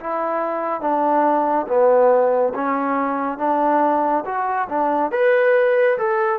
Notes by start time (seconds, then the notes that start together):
0.00 E4
0.81 D4
1.68 B3
2.54 C#4
3.38 D4
4.25 F#4
4.69 D4
5.12 B4
5.98 A4